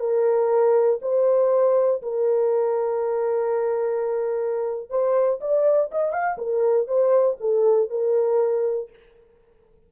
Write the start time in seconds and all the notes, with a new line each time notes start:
0.00 A#4
1.02 C5
2.02 A#4
4.90 C5
5.41 D5
5.92 D#5
6.13 F5
6.38 A#4
6.88 C5
7.40 A4
7.90 A#4